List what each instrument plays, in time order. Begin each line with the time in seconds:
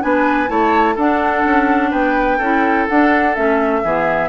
0.00 bassoon B3, clarinet D4, oboe B4, flute G#5
0.47 bassoon A3, clarinet E4, oboe C#5, flute A5
0.95 bassoon D4, clarinet D4, oboe A4, flute F#5
1.44 bassoon C#4
1.90 bassoon B3, oboe B4, flute G5
2.37 bassoon C#4, clarinet E4, oboe A4
2.88 clarinet D4, bassoon D4, flute F#5
3.34 bassoon A3, clarinet C#4, flute E5
3.83 bassoon E3, clarinet B3, oboe G#4